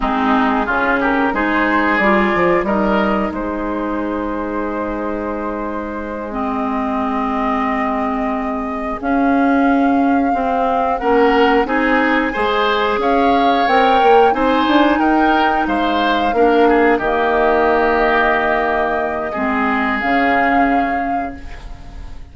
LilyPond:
<<
  \new Staff \with { instrumentName = "flute" } { \time 4/4 \tempo 4 = 90 gis'4. ais'8 c''4 d''4 | dis''4 c''2.~ | c''4. dis''2~ dis''8~ | dis''4. f''2~ f''8~ |
f''8 fis''4 gis''2 f''8~ | f''8 g''4 gis''4 g''4 f''8~ | f''4. dis''2~ dis''8~ | dis''2 f''2 | }
  \new Staff \with { instrumentName = "oboe" } { \time 4/4 dis'4 f'8 g'8 gis'2 | ais'4 gis'2.~ | gis'1~ | gis'1~ |
gis'8 ais'4 gis'4 c''4 cis''8~ | cis''4. c''4 ais'4 c''8~ | c''8 ais'8 gis'8 g'2~ g'8~ | g'4 gis'2. | }
  \new Staff \with { instrumentName = "clarinet" } { \time 4/4 c'4 cis'4 dis'4 f'4 | dis'1~ | dis'4. c'2~ c'8~ | c'4. cis'2 c'8~ |
c'8 cis'4 dis'4 gis'4.~ | gis'8 ais'4 dis'2~ dis'8~ | dis'8 d'4 ais2~ ais8~ | ais4 c'4 cis'2 | }
  \new Staff \with { instrumentName = "bassoon" } { \time 4/4 gis4 cis4 gis4 g8 f8 | g4 gis2.~ | gis1~ | gis4. cis'2 c'8~ |
c'8 ais4 c'4 gis4 cis'8~ | cis'8 c'8 ais8 c'8 d'8 dis'4 gis8~ | gis8 ais4 dis2~ dis8~ | dis4 gis4 cis2 | }
>>